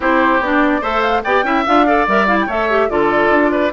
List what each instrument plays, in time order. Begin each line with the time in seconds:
0.00 bassoon C4, clarinet E4, oboe G4, flute C5
0.40 bassoon B3, clarinet D4, flute D5
0.81 bassoon A3, clarinet A4, oboe C5, flute E5
1.01 flute F5
1.23 bassoon B3, clarinet G4, oboe D5, flute G5
1.43 bassoon C#4, clarinet E4, oboe E5
1.66 bassoon D4, clarinet F4, flute F5
1.86 clarinet A4, oboe D5
2.07 bassoon G3, clarinet A#4, flute E5
2.27 clarinet E4, flute F5
2.40 oboe C#5, flute G5
2.47 bassoon A3, clarinet A4, flute E5
2.70 clarinet G4
2.89 bassoon D3, clarinet F4, oboe A4, flute D5
3.29 bassoon D4
3.51 oboe B4